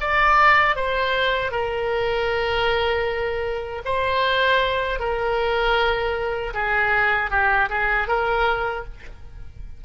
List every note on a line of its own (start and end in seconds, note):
0.00 0.75 D5
0.75 1.51 C5
1.51 3.82 A#4
3.85 4.99 C5
4.99 6.53 A#4
6.53 7.30 G#4
7.30 7.69 G4
7.69 8.07 G#4
8.07 8.84 A#4